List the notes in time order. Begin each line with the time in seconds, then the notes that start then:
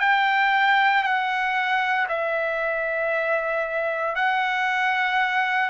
0.00 G5
1.03 F#5
2.09 E5
4.15 F#5